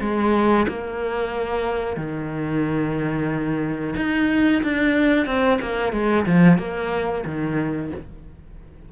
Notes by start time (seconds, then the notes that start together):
0.00 G#3
0.68 A#3
1.96 D#3
3.96 D#4
4.62 D4
5.26 C4
5.61 A#3
5.92 G#3
6.25 F3
6.58 A#3
7.25 D#3